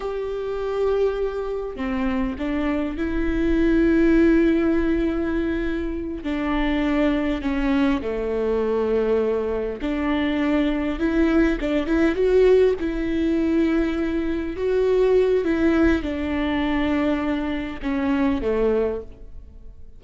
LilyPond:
\new Staff \with { instrumentName = "viola" } { \time 4/4 \tempo 4 = 101 g'2. c'4 | d'4 e'2.~ | e'2~ e'8 d'4.~ | d'8 cis'4 a2~ a8~ |
a8 d'2 e'4 d'8 | e'8 fis'4 e'2~ e'8~ | e'8 fis'4. e'4 d'4~ | d'2 cis'4 a4 | }